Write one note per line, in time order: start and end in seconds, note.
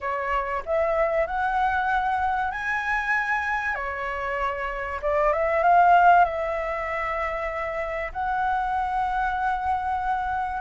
0.00 0.63 C#5
0.65 1.26 E5
1.26 2.51 F#5
2.51 3.74 G#5
3.74 4.99 C#5
5.02 5.33 D5
5.33 5.62 E5
5.62 6.24 F5
6.24 8.12 E5
8.12 10.61 F#5